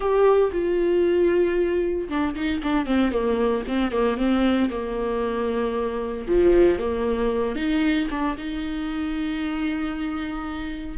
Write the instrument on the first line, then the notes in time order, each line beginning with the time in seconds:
viola
0.00 G4
0.51 F4
2.08 D4
2.35 D#4
2.63 D4
2.86 C4
3.11 A#3
3.67 C4
3.91 A#3
4.17 C4
4.70 A#3
6.27 F3
6.78 A#3
7.55 D#4
8.10 D4
8.37 D#4